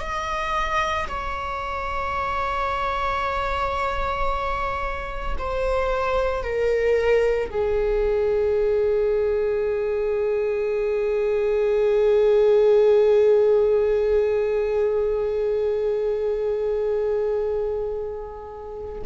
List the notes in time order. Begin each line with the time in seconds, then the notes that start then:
0.00 D#5
1.08 C#5
5.38 C5
6.42 A#4
7.50 G#4